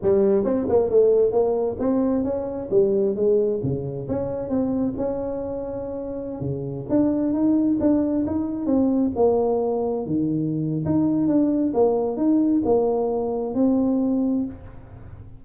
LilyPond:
\new Staff \with { instrumentName = "tuba" } { \time 4/4 \tempo 4 = 133 g4 c'8 ais8 a4 ais4 | c'4 cis'4 g4 gis4 | cis4 cis'4 c'4 cis'4~ | cis'2~ cis'16 cis4 d'8.~ |
d'16 dis'4 d'4 dis'4 c'8.~ | c'16 ais2 dis4.~ dis16 | dis'4 d'4 ais4 dis'4 | ais2 c'2 | }